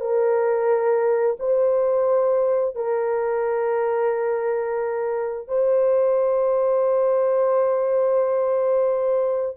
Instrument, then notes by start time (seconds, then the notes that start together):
horn
0.00 A#4
1.39 C5
2.75 A#4
5.48 C5